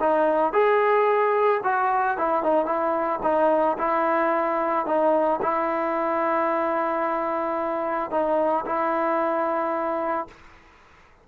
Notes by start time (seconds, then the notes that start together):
0.00 D#4
0.53 G#4
1.63 F#4
2.18 E4
2.43 D#4
2.65 E4
3.23 D#4
3.78 E4
4.86 D#4
5.42 E4
8.11 D#4
8.65 E4